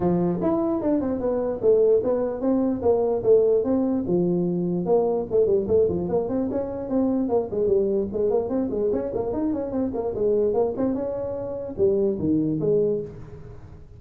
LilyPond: \new Staff \with { instrumentName = "tuba" } { \time 4/4 \tempo 4 = 148 f4 e'4 d'8 c'8 b4 | a4 b4 c'4 ais4 | a4 c'4 f2 | ais4 a8 g8 a8 f8 ais8 c'8 |
cis'4 c'4 ais8 gis8 g4 | gis8 ais8 c'8 gis8 cis'8 ais8 dis'8 cis'8 | c'8 ais8 gis4 ais8 c'8 cis'4~ | cis'4 g4 dis4 gis4 | }